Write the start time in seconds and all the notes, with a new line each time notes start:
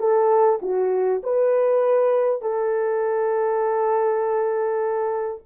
0.00 A4
0.62 F#4
1.24 B4
2.42 A4